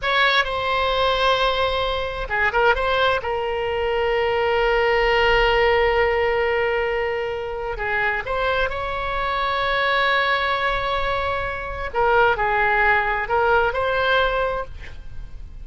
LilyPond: \new Staff \with { instrumentName = "oboe" } { \time 4/4 \tempo 4 = 131 cis''4 c''2.~ | c''4 gis'8 ais'8 c''4 ais'4~ | ais'1~ | ais'1~ |
ais'4 gis'4 c''4 cis''4~ | cis''1~ | cis''2 ais'4 gis'4~ | gis'4 ais'4 c''2 | }